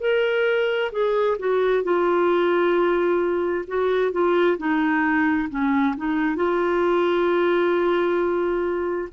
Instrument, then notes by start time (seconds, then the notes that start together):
clarinet
0.00 A#4
0.92 G#4
1.38 F#4
1.83 F4
3.67 F#4
4.12 F4
4.57 D#4
5.49 C#4
5.97 D#4
6.36 F4